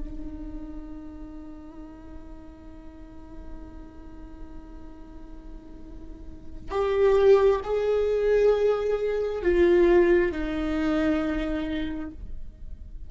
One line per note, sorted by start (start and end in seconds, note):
0.00 6.71 D#4
6.71 7.61 G4
7.64 9.42 G#4
9.42 10.31 F4
10.31 12.11 D#4